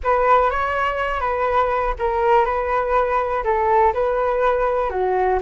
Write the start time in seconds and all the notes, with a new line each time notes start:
0.03 B4
0.50 C#5
1.20 B4
1.99 A#4
2.45 B4
3.44 A4
3.93 B4
4.90 F#4